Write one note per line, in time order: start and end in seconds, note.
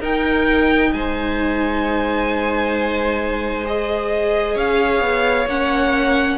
0.00 0.91 D#4
0.00 3.65 D#4
0.00 0.91 A#4
0.00 0.94 G5
0.93 4.56 G#3
0.93 4.55 C5
0.93 3.66 G#5
3.65 5.47 G#4
3.65 4.58 D#5
4.55 5.01 C#4
4.55 6.36 C#5
4.55 5.49 F5
5.01 5.46 B3
5.46 6.37 A#3
5.46 6.38 C#4
5.46 6.38 F#5